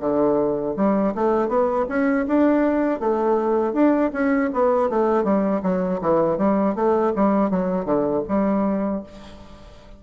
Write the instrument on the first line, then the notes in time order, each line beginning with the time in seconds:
bassoon
0.00 D3
0.76 G3
1.15 A3
1.48 B3
1.89 C#4
2.27 D4
3.00 A3
3.73 D4
4.13 C#4
4.53 B3
4.90 A3
5.24 G3
5.63 F#3
6.01 E3
6.38 G3
6.75 A3
7.16 G3
7.50 F#3
7.85 D3
8.28 G3